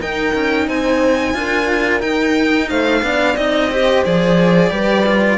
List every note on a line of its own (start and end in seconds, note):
0.00 0.34 D#4
0.00 1.34 D#4
0.00 0.67 A#4
0.00 0.69 G5
0.34 0.68 C#4
0.67 1.35 C4
0.67 1.35 C5
0.67 2.01 G#5
1.34 2.02 D4
1.34 2.00 F4
1.34 2.70 A#4
2.00 3.01 D#4
2.00 2.70 D#4
2.00 2.69 G5
2.70 3.03 A3
2.70 3.04 C5
2.70 3.36 F5
3.03 3.36 B3
3.03 3.36 D4
3.03 3.71 D5
3.36 4.04 C4
3.36 3.71 D#4
3.36 4.04 D#5
3.71 4.05 G4
3.71 4.71 C5
4.05 4.71 F3
4.05 4.71 G#4
4.05 5.38 D5
4.71 5.38 G3
4.71 5.04 G4
4.71 5.38 B4
5.06 5.38 F4